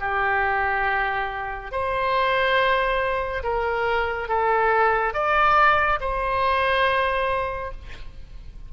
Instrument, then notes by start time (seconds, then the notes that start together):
oboe
0.00 G4
1.71 C5
3.43 A#4
4.28 A4
5.14 D5
6.00 C5